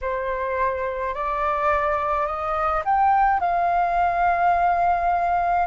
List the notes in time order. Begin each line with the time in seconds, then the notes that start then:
0.01 C5
1.14 D5
2.26 D#5
2.85 G5
3.40 F5